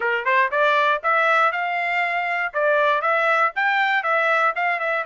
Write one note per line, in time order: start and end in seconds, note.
0.00 0.24 A#4
0.24 0.50 C5
0.51 1.01 D5
1.03 1.52 E5
1.52 2.53 F5
2.53 3.01 D5
3.01 3.52 E5
3.55 4.03 G5
4.03 4.53 E5
4.55 4.79 F5
4.79 5.04 E5